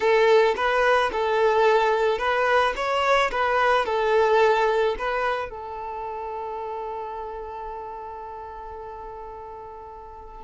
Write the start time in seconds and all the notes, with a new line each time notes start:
0.00 A4
0.56 B4
1.12 A4
2.18 B4
2.75 C#5
3.31 B4
3.85 A4
4.98 B4
5.49 A4